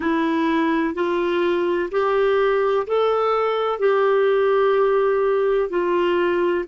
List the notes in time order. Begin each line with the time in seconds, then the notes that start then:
0.00 E4
0.94 F4
1.91 G4
2.87 A4
3.79 G4
5.69 F4